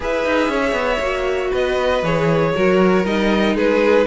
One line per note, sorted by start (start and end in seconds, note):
0.00 0.25 E4
0.00 1.00 G#4
0.00 0.51 B4
0.00 1.53 E5
0.25 0.48 D#4
0.48 0.72 C#4
0.48 1.50 C#5
0.72 0.97 B3
1.00 1.51 A#3
1.00 2.03 F#4
1.50 2.02 B3
1.50 2.51 B4
1.50 2.04 D#5
2.02 2.53 E3
2.02 2.54 G#4
2.02 3.05 C#5
2.54 3.04 F#3
2.54 3.05 F#4
2.54 3.55 A#4
3.04 3.54 G3
3.04 4.06 D#4
3.04 3.56 D#5
3.54 4.05 G#3
3.54 4.06 G#4
3.54 4.06 B4